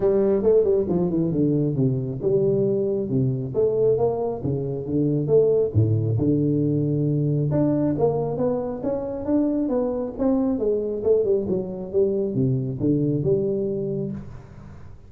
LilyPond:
\new Staff \with { instrumentName = "tuba" } { \time 4/4 \tempo 4 = 136 g4 a8 g8 f8 e8 d4 | c4 g2 c4 | a4 ais4 cis4 d4 | a4 a,4 d2~ |
d4 d'4 ais4 b4 | cis'4 d'4 b4 c'4 | gis4 a8 g8 fis4 g4 | c4 d4 g2 | }